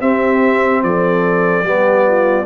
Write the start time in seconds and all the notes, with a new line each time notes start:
0.00 C4 G4 E5
0.83 F3 A4 D5
1.63 G3 B3 G4
2.07 F4